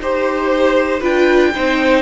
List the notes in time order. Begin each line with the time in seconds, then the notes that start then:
0.00 D#4 G4 C5
0.99 D4 F4 B4 G5
1.55 C4 D#4 C5